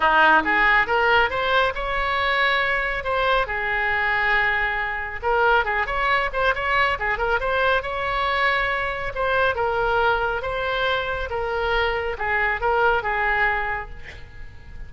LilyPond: \new Staff \with { instrumentName = "oboe" } { \time 4/4 \tempo 4 = 138 dis'4 gis'4 ais'4 c''4 | cis''2. c''4 | gis'1 | ais'4 gis'8 cis''4 c''8 cis''4 |
gis'8 ais'8 c''4 cis''2~ | cis''4 c''4 ais'2 | c''2 ais'2 | gis'4 ais'4 gis'2 | }